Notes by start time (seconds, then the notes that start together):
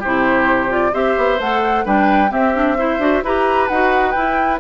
0.00 C3 E4 G4 C5
0.69 F4 D5
0.93 C4 G4 C5 E5
1.17 B3
1.39 A3 A4 F#5
1.85 G3 D4 B4 G5
2.29 C4 G4 E5
2.54 D4
2.77 E4 C5
2.99 D4 F#4
3.23 E4 G4 B4 A#5
3.68 D#4 F#4 F#5
4.12 E4 G5